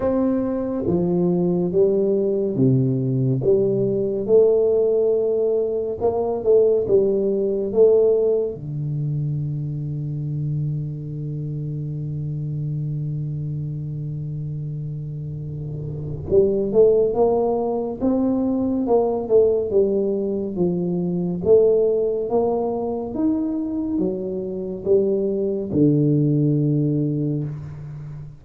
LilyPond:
\new Staff \with { instrumentName = "tuba" } { \time 4/4 \tempo 4 = 70 c'4 f4 g4 c4 | g4 a2 ais8 a8 | g4 a4 d2~ | d1~ |
d2. g8 a8 | ais4 c'4 ais8 a8 g4 | f4 a4 ais4 dis'4 | fis4 g4 d2 | }